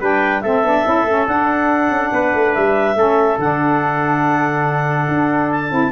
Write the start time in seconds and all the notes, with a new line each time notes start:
0.00 G3 D4 B4 G5
0.41 A3 C4 A4 E5
0.63 B3 D4
0.85 C#4 E4
1.04 A3 C#4
1.27 D4 F#5
1.90 C#4
2.12 B3 B4
2.34 A3
2.54 G3 E5
2.95 A3 C#4 A4
3.38 D3 D4 F#5
5.08 D4
5.51 A5
5.70 C4 E4